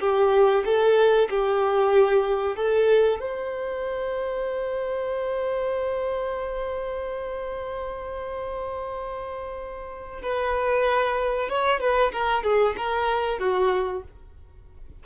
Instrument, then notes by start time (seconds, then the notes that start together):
violin
0.00 G4
0.65 A4
1.30 G4
2.56 A4
3.20 C5
10.22 B4
11.49 C#5
11.80 B4
12.12 A#4
12.44 G#4
12.77 A#4
13.39 F#4